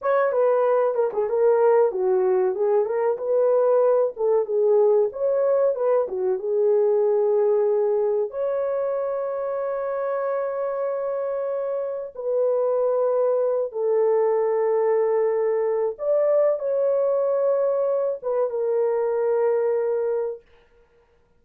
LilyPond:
\new Staff \with { instrumentName = "horn" } { \time 4/4 \tempo 4 = 94 cis''8 b'4 ais'16 gis'16 ais'4 fis'4 | gis'8 ais'8 b'4. a'8 gis'4 | cis''4 b'8 fis'8 gis'2~ | gis'4 cis''2.~ |
cis''2. b'4~ | b'4. a'2~ a'8~ | a'4 d''4 cis''2~ | cis''8 b'8 ais'2. | }